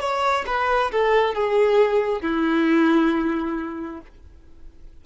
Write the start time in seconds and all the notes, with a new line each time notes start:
0.00 C#5
0.46 B4
0.91 A4
1.34 G#4
2.21 E4